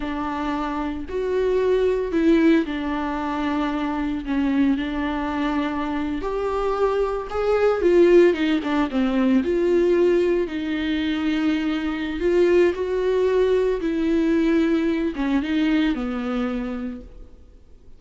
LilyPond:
\new Staff \with { instrumentName = "viola" } { \time 4/4 \tempo 4 = 113 d'2 fis'2 | e'4 d'2. | cis'4 d'2~ d'8. g'16~ | g'4.~ g'16 gis'4 f'4 dis'16~ |
dis'16 d'8 c'4 f'2 dis'16~ | dis'2. f'4 | fis'2 e'2~ | e'8 cis'8 dis'4 b2 | }